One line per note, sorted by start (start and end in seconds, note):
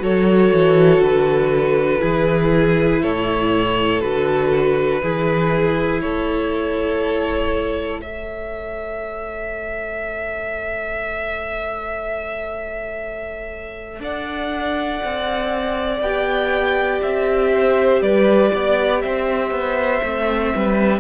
0.00 0.52 F#3
0.00 1.99 F#4
0.00 2.02 A4
0.00 1.03 C#5
0.53 1.01 E3
1.01 2.01 D3
1.01 3.03 B4
1.99 3.03 E3
1.99 3.99 E4
1.99 3.02 G#4
3.02 4.03 A2
3.02 5.03 A4
3.02 4.01 C#5
4.01 5.02 D3
4.01 5.01 F#4
4.01 6.01 B4
5.02 6.02 E3
5.02 8.03 E4
5.02 6.03 G#4
6.01 14.00 A3
6.01 8.01 A4
6.01 8.01 C#5
8.01 16.03 A4
8.01 14.01 C#5
8.01 14.01 E5
14.00 15.00 D4
14.00 17.52 D5
14.00 16.02 F#5
15.04 16.01 C4
16.01 17.01 B3
16.01 20.04 G4
16.01 17.02 G5
17.02 18.01 C4
17.02 18.02 E5
17.54 18.04 C5
18.01 18.51 G3
18.01 18.53 B4
18.01 19.01 D5
18.53 19.04 B3
18.53 19.03 D5
19.01 19.51 C4
19.01 20.54 C5
19.01 21.01 E5
19.51 20.01 B3
20.03 20.53 A3
20.03 21.01 C4
20.55 21.01 G3
20.55 21.01 B4